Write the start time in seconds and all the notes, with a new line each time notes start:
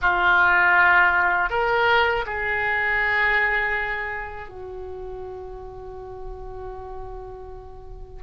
0.01 F4
1.49 A#4
2.26 G#4
4.48 F#4